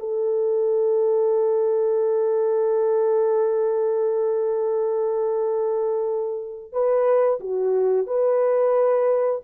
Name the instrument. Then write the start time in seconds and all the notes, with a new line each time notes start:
horn
0.00 A4
6.73 B4
7.40 F#4
8.07 B4